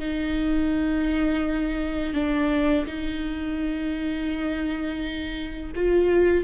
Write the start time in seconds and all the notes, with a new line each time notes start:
0.00 D#4
2.14 D4
2.87 D#4
5.76 F4